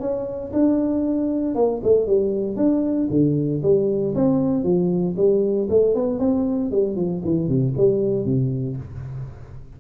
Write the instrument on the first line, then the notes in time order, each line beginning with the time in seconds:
tuba
0.00 C#4
0.53 D4
1.55 A#3
1.83 A3
2.06 G3
2.56 D4
3.10 D3
3.63 G3
4.15 C4
4.63 F3
5.17 G3
5.70 A3
5.95 B3
6.19 C4
6.71 G3
6.96 F3
7.25 E3
7.48 C3
7.77 G3
8.25 C3